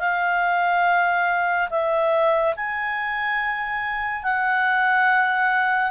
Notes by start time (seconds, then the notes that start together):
0.00 F5
1.70 E5
2.57 G#5
4.24 F#5